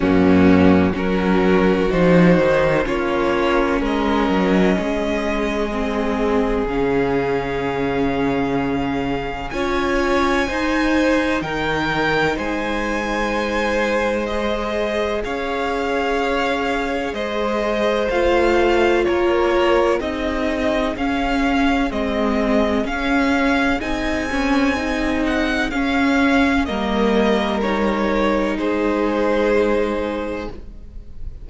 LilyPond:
<<
  \new Staff \with { instrumentName = "violin" } { \time 4/4 \tempo 4 = 63 fis'4 ais'4 c''4 cis''4 | dis''2. f''4~ | f''2 gis''2 | g''4 gis''2 dis''4 |
f''2 dis''4 f''4 | cis''4 dis''4 f''4 dis''4 | f''4 gis''4. fis''8 f''4 | dis''4 cis''4 c''2 | }
  \new Staff \with { instrumentName = "violin" } { \time 4/4 cis'4 fis'2 f'4 | ais'4 gis'2.~ | gis'2 cis''4 c''4 | ais'4 c''2. |
cis''2 c''2 | ais'4 gis'2.~ | gis'1 | ais'2 gis'2 | }
  \new Staff \with { instrumentName = "viola" } { \time 4/4 ais4 cis'4 dis'4 cis'4~ | cis'2 c'4 cis'4~ | cis'2 f'4 dis'4~ | dis'2. gis'4~ |
gis'2. f'4~ | f'4 dis'4 cis'4 c'4 | cis'4 dis'8 cis'8 dis'4 cis'4 | ais4 dis'2. | }
  \new Staff \with { instrumentName = "cello" } { \time 4/4 fis,4 fis4 f8 dis8 ais4 | gis8 fis8 gis2 cis4~ | cis2 cis'4 dis'4 | dis4 gis2. |
cis'2 gis4 a4 | ais4 c'4 cis'4 gis4 | cis'4 c'2 cis'4 | g2 gis2 | }
>>